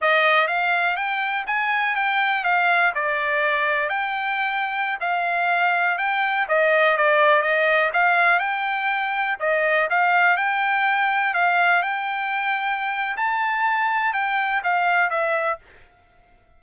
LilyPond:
\new Staff \with { instrumentName = "trumpet" } { \time 4/4 \tempo 4 = 123 dis''4 f''4 g''4 gis''4 | g''4 f''4 d''2 | g''2~ g''16 f''4.~ f''16~ | f''16 g''4 dis''4 d''4 dis''8.~ |
dis''16 f''4 g''2 dis''8.~ | dis''16 f''4 g''2 f''8.~ | f''16 g''2~ g''8. a''4~ | a''4 g''4 f''4 e''4 | }